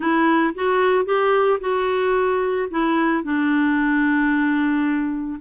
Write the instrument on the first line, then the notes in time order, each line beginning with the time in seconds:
clarinet
0.00 E4
0.55 F#4
1.05 G4
1.60 F#4
2.70 E4
3.23 D4